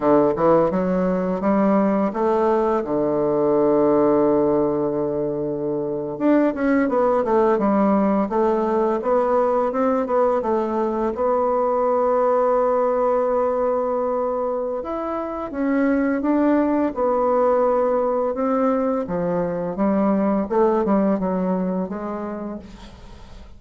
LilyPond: \new Staff \with { instrumentName = "bassoon" } { \time 4/4 \tempo 4 = 85 d8 e8 fis4 g4 a4 | d1~ | d8. d'8 cis'8 b8 a8 g4 a16~ | a8. b4 c'8 b8 a4 b16~ |
b1~ | b4 e'4 cis'4 d'4 | b2 c'4 f4 | g4 a8 g8 fis4 gis4 | }